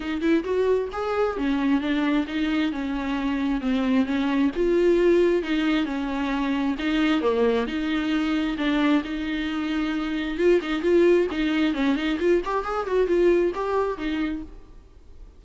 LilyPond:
\new Staff \with { instrumentName = "viola" } { \time 4/4 \tempo 4 = 133 dis'8 e'8 fis'4 gis'4 cis'4 | d'4 dis'4 cis'2 | c'4 cis'4 f'2 | dis'4 cis'2 dis'4 |
ais4 dis'2 d'4 | dis'2. f'8 dis'8 | f'4 dis'4 cis'8 dis'8 f'8 g'8 | gis'8 fis'8 f'4 g'4 dis'4 | }